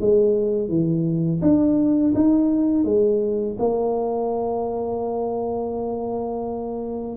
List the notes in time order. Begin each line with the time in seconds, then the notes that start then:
0.00 G#3
0.68 E3
1.41 D4
2.14 D#4
2.84 G#3
3.58 A#3